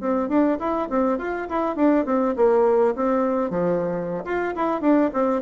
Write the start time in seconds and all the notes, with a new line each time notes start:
0.00 C4
0.28 D4
0.59 E4
0.89 C4
1.18 F4
1.48 E4
1.75 D4
2.05 C4
2.36 A#3
2.95 C4
3.50 F3
4.24 F4
4.55 E4
4.81 D4
5.13 C4